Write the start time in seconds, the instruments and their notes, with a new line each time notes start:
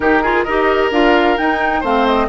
0.00 bassoon D#3, clarinet D#4, oboe G4, flute A#4
0.22 clarinet F4, oboe G#4
0.43 bassoon D#4, clarinet G4, oboe A#4, flute D#5
0.91 bassoon D4, clarinet F4, flute F5
1.37 clarinet D#4, bassoon D#4, flute G5
1.80 bassoon A3, clarinet C4, oboe C5, flute F5
2.06 flute D#5